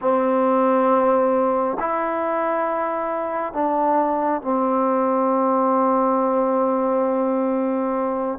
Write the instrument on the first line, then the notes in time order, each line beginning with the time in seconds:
trombone
0.01 C4
1.79 E4
3.53 D4
4.41 C4